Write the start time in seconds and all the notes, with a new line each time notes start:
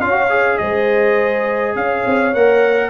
0.00 C#4 F4 C#5 F5
0.11 F#4
0.29 G#4
0.58 G#3 C5 D#5
1.75 C#4 C#5 F5
2.05 C4
2.34 A#3 A#4 F#5